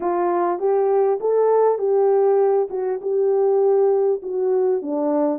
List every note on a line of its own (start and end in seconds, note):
0.00 0.59 F4
0.59 1.19 G4
1.20 1.78 A4
1.78 2.68 G4
2.70 3.00 F#4
3.01 4.21 G4
4.22 4.82 F#4
4.82 5.39 D4